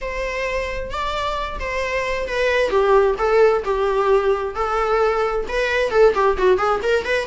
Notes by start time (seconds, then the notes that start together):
0.01 C5
0.90 D5
1.59 C5
2.27 B4
2.69 G4
3.17 A4
3.64 G4
4.55 A4
5.48 B4
5.90 A4
6.14 G4
6.37 F#4
6.57 G#4
6.82 A#4
7.04 B4